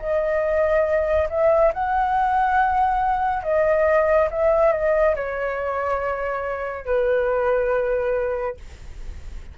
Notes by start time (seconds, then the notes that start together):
0.00 D#5
1.30 E5
1.74 F#5
3.44 D#5
4.31 E5
4.73 D#5
5.16 C#5
6.86 B4